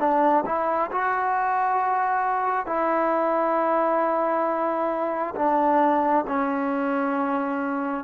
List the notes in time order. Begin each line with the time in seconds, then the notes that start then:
0.00 D4
0.46 E4
0.92 F#4
2.67 E4
5.36 D4
6.28 C#4